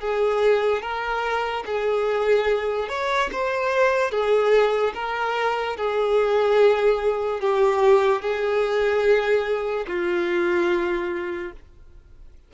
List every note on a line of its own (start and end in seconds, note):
0.00 0.81 G#4
0.81 1.64 A#4
1.66 2.88 G#4
2.88 3.30 C#5
3.32 4.11 C5
4.11 4.93 G#4
4.94 5.76 A#4
5.76 7.40 G#4
7.40 8.22 G4
8.22 9.86 G#4
9.87 11.52 F4